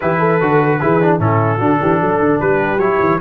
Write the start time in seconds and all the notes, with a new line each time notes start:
0.00 E3 E4 G4 B4
0.18 A4
0.41 D3 F#4
0.80 E3 E4 G#4
1.01 D4
1.19 A2 C#4 E4 A4
1.57 D3 D4 F#4
1.80 E3 G4
1.99 F#3 A4
2.19 D3
2.40 G3 G4 B4
2.77 F#3 E4 C#5
2.99 E3